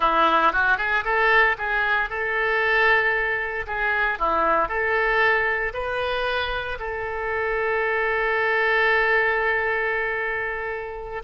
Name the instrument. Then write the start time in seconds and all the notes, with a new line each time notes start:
oboe
0.00 E4
0.52 F#4
0.77 G#4
1.04 A4
1.58 G#4
2.09 A4
3.66 G#4
4.19 E4
4.68 A4
5.73 B4
6.79 A4